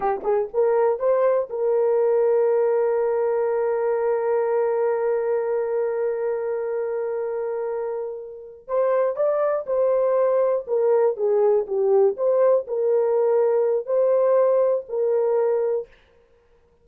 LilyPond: \new Staff \with { instrumentName = "horn" } { \time 4/4 \tempo 4 = 121 g'8 gis'8 ais'4 c''4 ais'4~ | ais'1~ | ais'1~ | ais'1~ |
ais'4. c''4 d''4 c''8~ | c''4. ais'4 gis'4 g'8~ | g'8 c''4 ais'2~ ais'8 | c''2 ais'2 | }